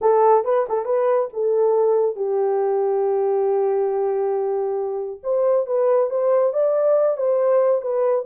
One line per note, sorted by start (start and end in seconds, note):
0.01 0.44 A4
0.44 0.66 B4
0.69 0.85 A4
0.85 1.28 B4
1.33 2.16 A4
2.16 5.20 G4
5.23 5.66 C5
5.66 6.09 B4
6.09 6.53 C5
6.53 7.17 D5
7.17 7.81 C5
7.81 8.25 B4